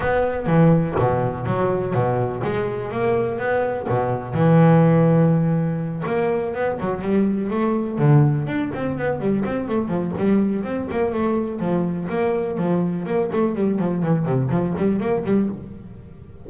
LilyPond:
\new Staff \with { instrumentName = "double bass" } { \time 4/4 \tempo 4 = 124 b4 e4 b,4 fis4 | b,4 gis4 ais4 b4 | b,4 e2.~ | e8 ais4 b8 fis8 g4 a8~ |
a8 d4 d'8 c'8 b8 g8 c'8 | a8 f8 g4 c'8 ais8 a4 | f4 ais4 f4 ais8 a8 | g8 f8 e8 c8 f8 g8 ais8 g8 | }